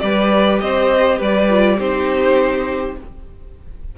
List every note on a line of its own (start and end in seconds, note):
0.00 0.62 G3
0.00 1.48 G4
0.00 0.63 B4
0.00 0.59 D5
0.60 1.21 C4
0.60 1.19 C5
0.60 1.19 D#5
1.19 1.79 G3
1.19 1.77 B4
1.19 1.81 D5
1.50 1.79 F4
1.78 2.97 C4
1.78 2.98 D#4
1.78 2.96 G4
1.78 2.98 C5